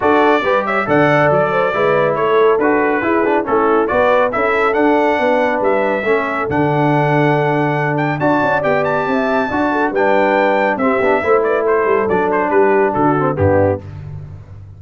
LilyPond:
<<
  \new Staff \with { instrumentName = "trumpet" } { \time 4/4 \tempo 4 = 139 d''4. e''8 fis''4 d''4~ | d''4 cis''4 b'2 | a'4 d''4 e''4 fis''4~ | fis''4 e''2 fis''4~ |
fis''2~ fis''8 g''8 a''4 | g''8 a''2~ a''8 g''4~ | g''4 e''4. d''8 c''4 | d''8 c''8 b'4 a'4 g'4 | }
  \new Staff \with { instrumentName = "horn" } { \time 4/4 a'4 b'8 cis''8 d''4. c''8 | b'4 a'2 gis'4 | e'4 b'4 a'2 | b'2 a'2~ |
a'2. d''4~ | d''4 e''4 d''8 a'8 b'4~ | b'4 g'4 c''8 b'8 a'4~ | a'4 g'4 fis'4 d'4 | }
  \new Staff \with { instrumentName = "trombone" } { \time 4/4 fis'4 g'4 a'2 | e'2 fis'4 e'8 d'8 | cis'4 fis'4 e'4 d'4~ | d'2 cis'4 d'4~ |
d'2. fis'4 | g'2 fis'4 d'4~ | d'4 c'8 d'8 e'2 | d'2~ d'8 c'8 b4 | }
  \new Staff \with { instrumentName = "tuba" } { \time 4/4 d'4 g4 d4 fis4 | gis4 a4 d'4 e'4 | a4 b4 cis'4 d'4 | b4 g4 a4 d4~ |
d2. d'8 cis'8 | b4 c'4 d'4 g4~ | g4 c'8 b8 a4. g8 | fis4 g4 d4 g,4 | }
>>